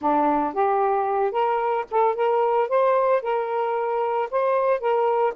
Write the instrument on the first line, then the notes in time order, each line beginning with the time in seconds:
saxophone
0.01 D4
0.53 G4
1.31 A#4
1.90 A4
2.15 A#4
2.69 C5
3.22 A#4
4.30 C5
4.80 A#4